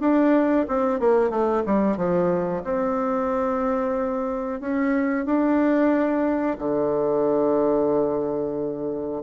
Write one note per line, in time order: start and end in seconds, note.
0.00 0.66 D4
0.68 1.00 C4
1.00 1.30 A#3
1.30 1.63 A3
1.66 1.97 G3
1.97 2.63 F3
2.64 4.60 C4
4.60 5.26 C#4
5.26 6.58 D4
6.59 9.22 D3